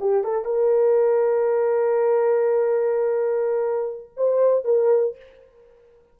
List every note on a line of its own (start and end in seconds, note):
0.00 0.24 G4
0.24 0.45 A4
0.45 4.10 A#4
4.17 4.65 C5
4.65 5.17 A#4